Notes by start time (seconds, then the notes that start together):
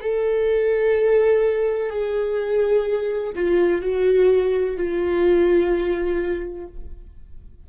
0.00 A4
1.89 G#4
3.35 F4
3.81 F#4
4.76 F4